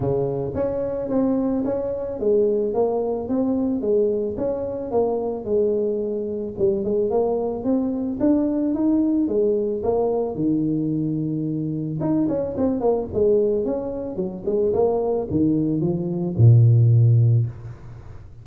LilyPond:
\new Staff \with { instrumentName = "tuba" } { \time 4/4 \tempo 4 = 110 cis4 cis'4 c'4 cis'4 | gis4 ais4 c'4 gis4 | cis'4 ais4 gis2 | g8 gis8 ais4 c'4 d'4 |
dis'4 gis4 ais4 dis4~ | dis2 dis'8 cis'8 c'8 ais8 | gis4 cis'4 fis8 gis8 ais4 | dis4 f4 ais,2 | }